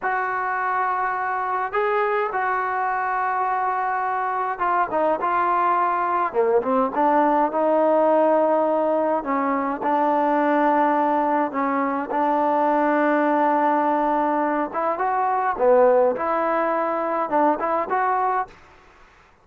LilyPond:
\new Staff \with { instrumentName = "trombone" } { \time 4/4 \tempo 4 = 104 fis'2. gis'4 | fis'1 | f'8 dis'8 f'2 ais8 c'8 | d'4 dis'2. |
cis'4 d'2. | cis'4 d'2.~ | d'4. e'8 fis'4 b4 | e'2 d'8 e'8 fis'4 | }